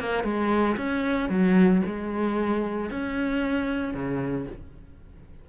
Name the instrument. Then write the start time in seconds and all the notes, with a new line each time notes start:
cello
0.00 A#3
0.24 G#3
0.77 C#4
1.30 F#3
1.86 G#3
2.91 C#4
3.94 C#3